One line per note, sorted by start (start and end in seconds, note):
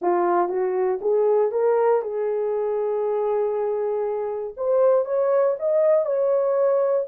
0.01 0.48 F4
0.48 0.99 F#4
1.01 1.51 G#4
1.51 2.02 A#4
2.02 4.54 G#4
4.56 5.05 C5
5.05 5.55 C#5
5.59 6.05 D#5
6.05 7.06 C#5